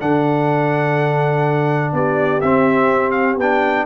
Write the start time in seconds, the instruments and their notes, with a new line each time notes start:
0.00 tuba D3, trombone D4, horn A4, trumpet F#5
1.93 tuba B3, horn G4, trumpet D5
2.41 tuba C4, trombone C4, trumpet E5
3.11 trumpet F5
3.37 tuba B3, trombone D4, trumpet G5